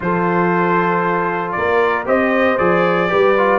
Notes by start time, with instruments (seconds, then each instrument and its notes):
0.00 tuba F3, trombone F4, horn A4, trumpet C5
1.51 tuba A#3, horn A#4, trumpet D5
2.05 tuba C4, trombone G4, horn C5, trumpet D#5
2.57 tuba F3, trombone G#4, trumpet D5
3.08 tuba G3, trombone G4, horn B4
3.37 trombone F4